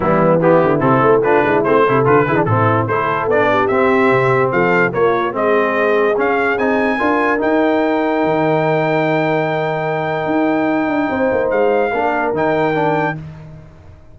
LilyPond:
<<
  \new Staff \with { instrumentName = "trumpet" } { \time 4/4 \tempo 4 = 146 e'4 g'4 a'4 b'4 | c''4 b'4 a'4 c''4 | d''4 e''2 f''4 | cis''4 dis''2 f''4 |
gis''2 g''2~ | g''1~ | g''1 | f''2 g''2 | }
  \new Staff \with { instrumentName = "horn" } { \time 4/4 b4 e'2 f'8 e'8~ | e'8 a'4 gis'8 e'4 a'4~ | a'8 g'2~ g'8 a'4 | f'4 gis'2.~ |
gis'4 ais'2.~ | ais'1~ | ais'2. c''4~ | c''4 ais'2. | }
  \new Staff \with { instrumentName = "trombone" } { \time 4/4 g4 b4 c'4 d'4 | c'8 e'8 f'8 e'16 d'16 c'4 e'4 | d'4 c'2. | ais4 c'2 cis'4 |
dis'4 f'4 dis'2~ | dis'1~ | dis'1~ | dis'4 d'4 dis'4 d'4 | }
  \new Staff \with { instrumentName = "tuba" } { \time 4/4 e4. d8 c8 a4 gis8 | a8 c8 d8 e8 a,4 a4 | b4 c'4 c4 f4 | ais4 gis2 cis'4 |
c'4 d'4 dis'2 | dis1~ | dis4 dis'4. d'8 c'8 ais8 | gis4 ais4 dis2 | }
>>